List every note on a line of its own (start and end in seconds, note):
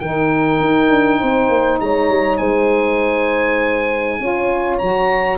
0.00 0.60 D#3
0.00 4.21 D#4
0.00 1.20 A#4
0.00 1.80 G5
0.60 0.90 D#4
0.90 1.20 D4
1.20 1.49 C4
1.20 1.80 C5
1.49 1.79 A#3
1.80 2.09 G#3
1.80 2.40 C#5
1.80 2.38 A#5
2.09 2.39 G3
2.38 4.21 G#3
2.38 4.20 C5
2.38 4.78 G#5
4.21 4.80 C#4
4.21 4.81 F4
4.21 5.38 C#5
4.79 5.38 F#3
4.79 5.38 F#4
4.79 5.38 A#5